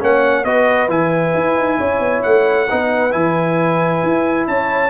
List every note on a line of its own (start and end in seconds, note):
0.00 0.44 A#3
0.00 0.45 C#4
0.00 0.44 C#5
0.00 0.44 F#5
0.44 0.88 B3
0.44 0.88 F#4
0.44 1.78 B4
0.44 0.89 D#5
0.88 1.33 E3
0.88 2.68 E4
0.88 2.22 G#5
1.34 1.55 E4
1.55 1.77 D#4
1.78 1.99 C#4
1.78 2.68 C#5
1.99 2.21 B3
2.22 2.70 A3
2.22 3.12 F#5
2.69 3.14 B3
2.69 3.11 D#4
2.69 4.49 B4
3.11 4.03 E3
3.11 4.90 E4
3.11 4.47 G#5
4.03 4.47 E4
4.47 4.90 C#4
4.47 4.90 C#5
4.47 4.90 A5